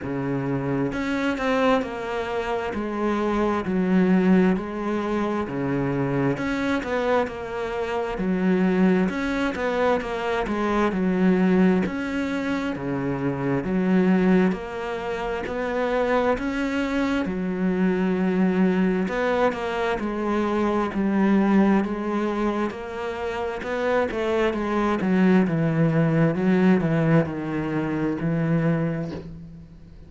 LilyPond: \new Staff \with { instrumentName = "cello" } { \time 4/4 \tempo 4 = 66 cis4 cis'8 c'8 ais4 gis4 | fis4 gis4 cis4 cis'8 b8 | ais4 fis4 cis'8 b8 ais8 gis8 | fis4 cis'4 cis4 fis4 |
ais4 b4 cis'4 fis4~ | fis4 b8 ais8 gis4 g4 | gis4 ais4 b8 a8 gis8 fis8 | e4 fis8 e8 dis4 e4 | }